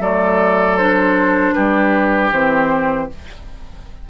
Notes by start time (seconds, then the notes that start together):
0.00 F#3 A3 A4 D5
0.78 D4 C5
1.53 G3 G4 B4
2.32 E3 C4 C5